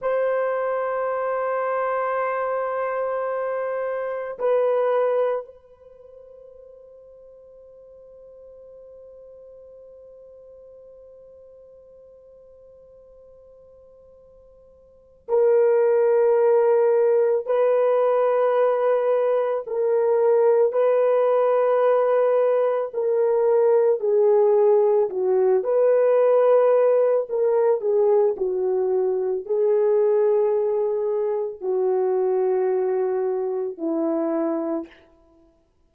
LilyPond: \new Staff \with { instrumentName = "horn" } { \time 4/4 \tempo 4 = 55 c''1 | b'4 c''2.~ | c''1~ | c''2 ais'2 |
b'2 ais'4 b'4~ | b'4 ais'4 gis'4 fis'8 b'8~ | b'4 ais'8 gis'8 fis'4 gis'4~ | gis'4 fis'2 e'4 | }